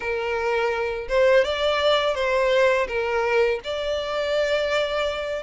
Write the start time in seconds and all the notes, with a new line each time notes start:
0.00 A#4
1.08 C5
1.44 D5
2.15 C5
2.87 A#4
3.63 D5